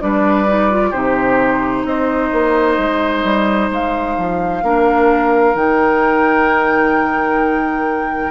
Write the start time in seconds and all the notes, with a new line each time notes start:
0.00 G3 D4 B4 D5
0.47 D#4
0.70 F4
0.90 C3 D#4 G4 C5
1.84 C4 C5 D#5
2.32 A#3
2.77 G#3
3.23 G3
3.70 G#3 F5
4.17 F3
4.62 A#3 D4 A#4
5.54 D#3 D#4 G5